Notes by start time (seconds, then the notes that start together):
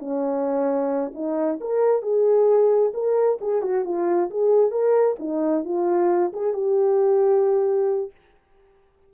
0.00 C#4
1.15 D#4
1.61 A#4
2.03 G#4
2.94 A#4
3.41 G#4
3.62 F#4
3.85 F4
4.31 G#4
4.72 A#4
5.20 D#4
5.65 F4
6.33 G#4
6.54 G4